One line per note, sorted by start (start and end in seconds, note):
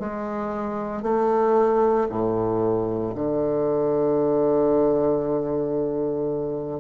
0.00 1.03 G#3
1.03 2.08 A3
2.10 3.15 A2
3.15 6.81 D3